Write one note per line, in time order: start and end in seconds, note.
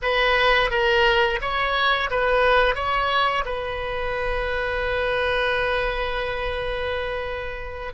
0.02 0.70 B4
0.70 1.39 A#4
1.41 2.10 C#5
2.10 2.75 B4
2.75 3.44 C#5
3.45 7.93 B4